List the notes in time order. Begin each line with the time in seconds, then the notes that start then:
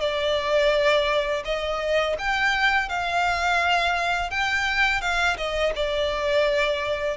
0.00 D5
1.45 D#5
2.18 G5
2.89 F5
4.30 G5
5.01 F5
5.37 D#5
5.75 D5